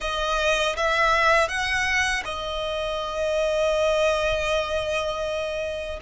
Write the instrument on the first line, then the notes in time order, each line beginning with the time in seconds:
violin
0.00 D#5
0.76 E5
1.48 F#5
2.24 D#5